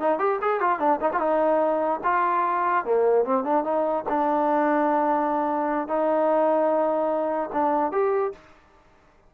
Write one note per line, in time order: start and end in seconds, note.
0.00 0.19 D#4
0.19 0.39 G4
0.41 0.60 G#4
0.60 0.79 F4
0.79 1.00 D4
1.01 1.11 D#4
1.13 1.19 F4
1.19 2.00 D#4
2.04 2.85 F4
2.85 3.25 A#3
3.25 3.44 C4
3.44 3.64 D4
3.64 4.04 D#4
4.09 5.88 D4
5.88 7.50 D#4
7.53 7.92 D4
7.92 8.32 G4